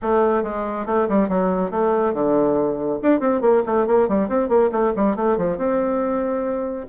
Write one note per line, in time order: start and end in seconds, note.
0.02 0.43 A3
0.43 0.86 G#3
0.86 1.07 A3
1.08 1.29 G3
1.29 1.70 F#3
1.70 2.13 A3
2.13 2.99 D3
3.02 3.20 D4
3.20 3.41 C4
3.41 3.62 A#3
3.65 3.86 A3
3.86 4.08 A#3
4.08 4.29 G3
4.29 4.48 C4
4.48 4.70 A#3
4.71 4.93 A3
4.96 5.16 G3
5.16 5.37 A3
5.37 5.57 F3
5.57 6.86 C4